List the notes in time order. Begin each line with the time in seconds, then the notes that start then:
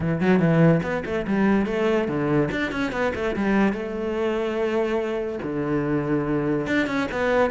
0.00 E3
0.20 F#3
0.39 E3
0.82 B3
1.05 A3
1.27 G3
1.66 A3
2.08 D3
2.51 D4
2.71 C#4
2.91 B3
3.14 A3
3.36 G3
3.72 A3
5.42 D3
6.66 D4
6.87 C#4
7.11 B3